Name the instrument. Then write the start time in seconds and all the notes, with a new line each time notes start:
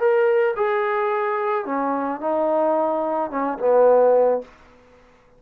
trombone
0.00 A#4
0.57 G#4
1.66 C#4
2.21 D#4
3.31 C#4
3.59 B3